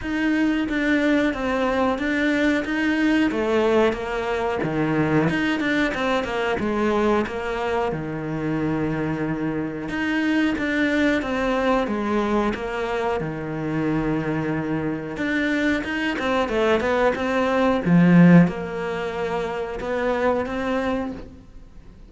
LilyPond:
\new Staff \with { instrumentName = "cello" } { \time 4/4 \tempo 4 = 91 dis'4 d'4 c'4 d'4 | dis'4 a4 ais4 dis4 | dis'8 d'8 c'8 ais8 gis4 ais4 | dis2. dis'4 |
d'4 c'4 gis4 ais4 | dis2. d'4 | dis'8 c'8 a8 b8 c'4 f4 | ais2 b4 c'4 | }